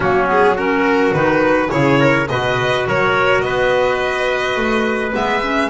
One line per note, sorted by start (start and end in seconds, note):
0.00 1.11 F#3
0.00 0.26 A#3
0.00 0.55 C#4
0.00 0.26 F#4
0.26 0.55 B3
0.26 0.57 G#4
0.55 1.14 C#4
0.55 1.69 F#4
0.55 1.13 A#4
1.13 1.70 D#3
1.13 1.68 D#4
1.13 1.70 B4
1.68 2.29 C#3
1.68 2.25 E4
1.68 1.99 G#4
1.68 2.27 C#5
1.99 2.27 A#4
2.29 2.87 B2
2.29 5.12 F#4
2.29 2.87 B4
2.29 2.86 D#5
2.87 3.41 F#3
2.87 3.45 A#4
2.87 3.41 C#5
3.41 4.56 B3
3.41 5.69 B4
3.41 5.12 D#5
4.56 5.13 A3
5.12 5.69 G#3
5.12 5.40 B3
5.12 5.69 E5
5.42 5.69 C#4